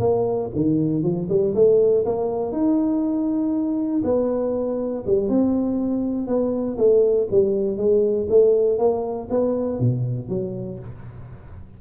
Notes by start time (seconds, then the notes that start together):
0.00 A#3
0.55 D#3
1.03 F3
1.29 G3
1.55 A3
2.05 A#3
2.52 D#4
4.04 B3
5.07 G3
5.29 C4
6.27 B3
6.78 A3
7.31 G3
7.77 G#3
8.29 A3
8.79 A#3
9.30 B3
9.80 B2
10.29 F#3